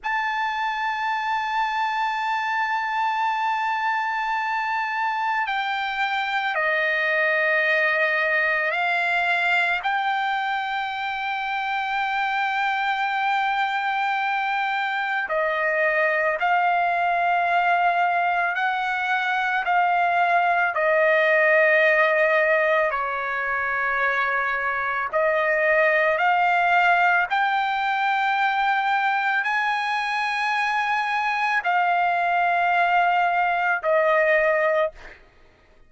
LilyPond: \new Staff \with { instrumentName = "trumpet" } { \time 4/4 \tempo 4 = 55 a''1~ | a''4 g''4 dis''2 | f''4 g''2.~ | g''2 dis''4 f''4~ |
f''4 fis''4 f''4 dis''4~ | dis''4 cis''2 dis''4 | f''4 g''2 gis''4~ | gis''4 f''2 dis''4 | }